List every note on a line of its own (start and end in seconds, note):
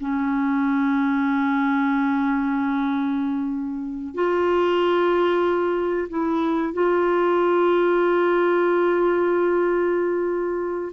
0.00 4.14 C#4
4.14 6.08 F4
6.09 6.73 E4
6.73 10.92 F4